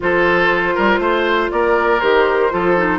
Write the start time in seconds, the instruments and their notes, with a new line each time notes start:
0.00 bassoon F3, clarinet F4, oboe A4, flute C5
0.74 bassoon G3, oboe A#4
0.98 bassoon A3, oboe C5
1.51 bassoon A#3, oboe A#4, flute D5
2.00 bassoon D#3, clarinet G4, flute C5
2.50 bassoon F3, clarinet F4, oboe A4
2.76 clarinet D#4